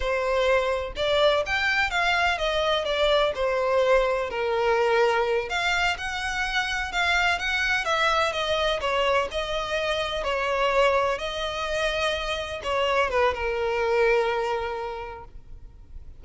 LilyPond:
\new Staff \with { instrumentName = "violin" } { \time 4/4 \tempo 4 = 126 c''2 d''4 g''4 | f''4 dis''4 d''4 c''4~ | c''4 ais'2~ ais'8 f''8~ | f''8 fis''2 f''4 fis''8~ |
fis''8 e''4 dis''4 cis''4 dis''8~ | dis''4. cis''2 dis''8~ | dis''2~ dis''8 cis''4 b'8 | ais'1 | }